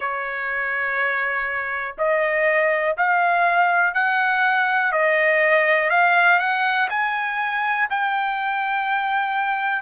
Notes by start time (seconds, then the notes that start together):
0.00 C#5
1.98 D#5
2.97 F5
3.93 F#5
4.92 D#5
5.90 F5
6.39 F#5
6.89 G#5
7.90 G5